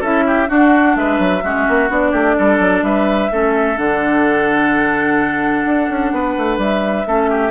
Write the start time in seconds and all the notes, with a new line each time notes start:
0.00 C#4 E4 A4 E5
0.27 G4
0.47 D4 F#4 F#5
0.95 G#3 B4 E5
1.19 F#3
1.43 G#3 C#4 F#4
1.68 A#3
1.89 B3 D4 D5
2.11 A3 G4
2.38 G3 A4
2.59 F#3
2.82 G3 B4 E5
3.31 A3 C#4 A4
3.76 D3 D4 F#5
5.65 D4
5.89 C#4
6.12 B3 B4
6.37 A3
6.57 G3 E5
7.07 A3 C#4 A4
7.30 G4